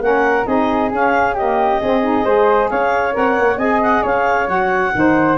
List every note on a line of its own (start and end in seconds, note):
0.00 0.45 A#3
0.00 0.46 C#4
0.00 0.47 A#4
0.00 0.46 F#5
0.46 0.92 C4
0.46 0.92 D#4
0.46 1.35 G#4
0.46 0.91 D#5
0.92 1.81 C#4
0.92 1.37 C#4
0.92 1.36 F5
1.35 1.82 A#3
1.35 1.80 G4
1.35 2.69 D#5
1.81 2.25 C4
1.81 2.03 C4
1.81 2.25 G#4
2.03 2.25 D#4
2.25 2.70 G#3
2.25 3.12 G#4
2.25 2.69 C5
2.69 3.16 C#4
2.69 3.58 C#5
2.69 3.14 F5
3.12 3.39 C4
3.12 3.57 A#4
3.12 3.58 F#5
3.39 3.58 A#3
3.58 4.02 C4
3.58 4.47 G#4
3.58 4.02 D#5
3.58 3.81 G#5
3.82 4.05 F#5
4.02 4.48 C#4
4.02 4.92 C#5
4.02 4.49 F5
4.47 4.93 F#3
4.47 4.92 F#4
4.47 5.38 F#5
4.94 5.38 D#3
4.94 5.38 D#4
4.94 5.38 C5